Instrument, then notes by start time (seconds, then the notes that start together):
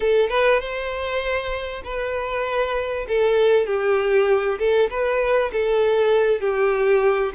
violin
0.00 A4
0.29 B4
0.60 C5
1.83 B4
3.08 A4
3.66 G4
4.59 A4
4.90 B4
5.52 A4
6.40 G4